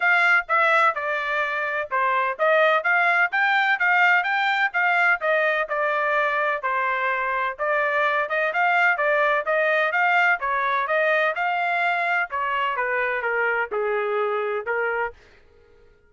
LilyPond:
\new Staff \with { instrumentName = "trumpet" } { \time 4/4 \tempo 4 = 127 f''4 e''4 d''2 | c''4 dis''4 f''4 g''4 | f''4 g''4 f''4 dis''4 | d''2 c''2 |
d''4. dis''8 f''4 d''4 | dis''4 f''4 cis''4 dis''4 | f''2 cis''4 b'4 | ais'4 gis'2 ais'4 | }